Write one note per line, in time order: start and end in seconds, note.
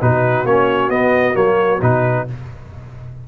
0.00 0.45 B2
0.00 0.46 D#4
0.00 2.27 F#4
0.00 0.46 B4
0.45 0.89 A#3
0.45 0.91 C#4
0.45 0.90 C#5
0.89 1.34 B3
0.89 1.36 D#5
1.34 1.81 F#3
1.34 1.79 A#3
1.34 1.81 C#5
1.82 2.27 B2
1.82 2.28 D#4
1.82 2.27 B4